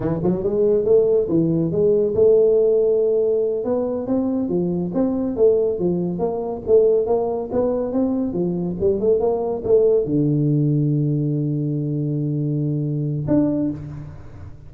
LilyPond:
\new Staff \with { instrumentName = "tuba" } { \time 4/4 \tempo 4 = 140 e8 fis8 gis4 a4 e4 | gis4 a2.~ | a8 b4 c'4 f4 c'8~ | c'8 a4 f4 ais4 a8~ |
a8 ais4 b4 c'4 f8~ | f8 g8 a8 ais4 a4 d8~ | d1~ | d2. d'4 | }